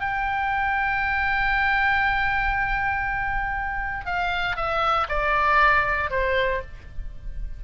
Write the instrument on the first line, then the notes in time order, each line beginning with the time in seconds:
oboe
0.00 G5
4.05 F5
4.56 E5
5.09 D5
6.10 C5